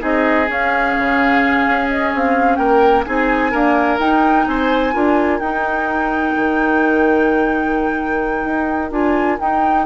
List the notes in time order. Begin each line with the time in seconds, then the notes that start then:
0.00 C4 D#4 G#4 D#5
0.49 C#4 F5
0.98 C#3
1.67 C#4
1.90 D#5
2.15 C4 F5
2.56 A#3 A#4 G5
3.05 C4 D#4 G#4 G#5
3.52 A#3 D4 A#4
4.00 D#4 G5
4.47 C4 C5 G#5
4.93 D4 F4 A#4
5.40 D#4 G5
6.36 D#3
8.45 D#4
8.91 D4 F4 G#5
9.40 D#4 G5